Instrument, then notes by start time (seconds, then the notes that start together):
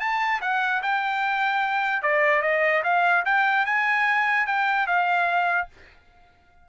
trumpet
0.00 A5
0.41 F#5
0.82 G5
2.02 D5
2.42 D#5
2.84 F5
3.25 G5
3.66 G#5
4.46 G5
4.87 F5